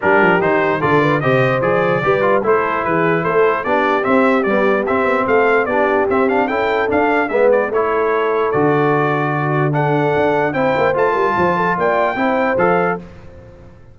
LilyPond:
<<
  \new Staff \with { instrumentName = "trumpet" } { \time 4/4 \tempo 4 = 148 ais'4 c''4 d''4 dis''4 | d''2 c''4 b'4 | c''4 d''4 e''4 d''4 | e''4 f''4 d''4 e''8 f''8 |
g''4 f''4 e''8 d''8 cis''4~ | cis''4 d''2. | fis''2 g''4 a''4~ | a''4 g''2 f''4 | }
  \new Staff \with { instrumentName = "horn" } { \time 4/4 g'2 a'8 b'8 c''4~ | c''4 b'4 a'4 gis'4 | a'4 g'2.~ | g'4 a'4 g'2 |
a'2 b'4 a'4~ | a'2. fis'4 | a'2 c''4. ais'8 | c''8 a'8 d''4 c''2 | }
  \new Staff \with { instrumentName = "trombone" } { \time 4/4 d'4 dis'4 f'4 g'4 | gis'4 g'8 f'8 e'2~ | e'4 d'4 c'4 g4 | c'2 d'4 c'8 d'8 |
e'4 d'4 b4 e'4~ | e'4 fis'2. | d'2 e'4 f'4~ | f'2 e'4 a'4 | }
  \new Staff \with { instrumentName = "tuba" } { \time 4/4 g8 f8 dis4 d4 c4 | f4 g4 a4 e4 | a4 b4 c'4 b4 | c'8 b8 a4 b4 c'4 |
cis'4 d'4 gis4 a4~ | a4 d2.~ | d4 d'4 c'8 ais8 a8 g8 | f4 ais4 c'4 f4 | }
>>